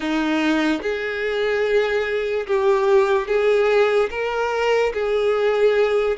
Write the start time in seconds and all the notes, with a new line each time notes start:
0.00 D#4
0.82 G#4
2.47 G4
3.27 G#4
4.10 A#4
4.93 G#4